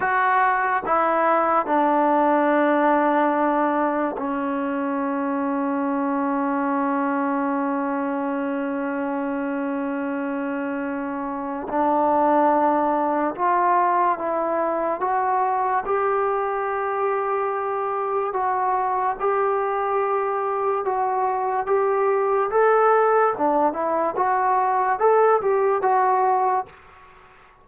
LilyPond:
\new Staff \with { instrumentName = "trombone" } { \time 4/4 \tempo 4 = 72 fis'4 e'4 d'2~ | d'4 cis'2.~ | cis'1~ | cis'2 d'2 |
f'4 e'4 fis'4 g'4~ | g'2 fis'4 g'4~ | g'4 fis'4 g'4 a'4 | d'8 e'8 fis'4 a'8 g'8 fis'4 | }